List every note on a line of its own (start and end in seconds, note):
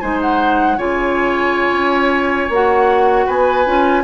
0.00 0.78 G#3
0.00 0.78 D#4
0.00 0.78 C5
0.00 0.19 G#5
0.22 0.79 F#5
0.78 1.72 C#3
0.78 2.51 F4
0.78 3.26 C#5
0.78 2.52 G#5
1.72 2.49 C#4
2.49 3.26 A#3
2.49 3.65 F#4
2.49 3.29 F#5
3.26 3.66 B3
3.26 4.03 B4
3.26 4.04 G#5
3.65 4.04 C#4
3.65 4.04 F4